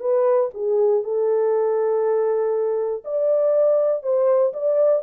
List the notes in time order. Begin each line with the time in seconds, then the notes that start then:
0.00 B4
0.54 G#4
1.03 A4
3.04 D5
4.03 C5
4.53 D5